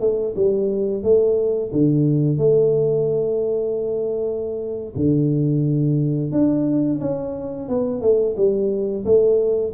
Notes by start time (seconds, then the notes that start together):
0.00 A3
0.36 G3
1.03 A3
1.72 D3
2.38 A3
4.96 D3
6.32 D4
7.00 C#4
7.69 B3
8.01 A3
8.36 G3
9.05 A3